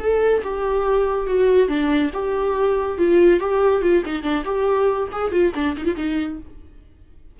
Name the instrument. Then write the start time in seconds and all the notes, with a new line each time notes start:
viola
0.00 A4
0.44 G4
1.27 F#4
1.69 D4
2.13 G4
2.98 F4
3.40 G4
3.82 F4
4.06 D#4
4.23 D4
4.45 G4
5.12 G#4
5.32 F4
5.55 D4
5.77 D#4
5.85 F4
5.97 D#4